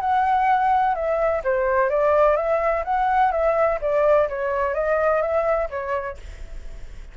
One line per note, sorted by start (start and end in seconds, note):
0.00 0.94 F#5
0.94 1.42 E5
1.44 1.89 C5
1.89 2.36 D5
2.36 2.83 E5
2.84 3.31 F#5
3.31 3.78 E5
3.81 4.28 D5
4.28 4.74 C#5
4.74 5.21 D#5
5.21 5.68 E5
5.70 6.17 C#5